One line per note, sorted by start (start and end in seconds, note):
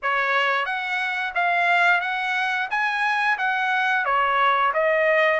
0.02 0.65 C#5
0.65 1.33 F#5
1.34 2.00 F5
2.00 2.68 F#5
2.70 3.37 G#5
3.38 4.05 F#5
4.05 4.72 C#5
4.73 5.40 D#5